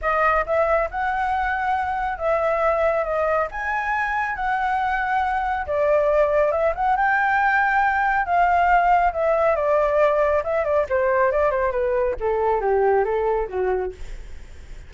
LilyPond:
\new Staff \with { instrumentName = "flute" } { \time 4/4 \tempo 4 = 138 dis''4 e''4 fis''2~ | fis''4 e''2 dis''4 | gis''2 fis''2~ | fis''4 d''2 e''8 fis''8 |
g''2. f''4~ | f''4 e''4 d''2 | e''8 d''8 c''4 d''8 c''8 b'4 | a'4 g'4 a'4 fis'4 | }